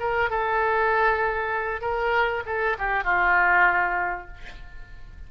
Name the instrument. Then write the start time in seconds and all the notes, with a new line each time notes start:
oboe
0.00 A#4
0.30 A4
1.81 A#4
2.46 A4
2.79 G4
3.04 F4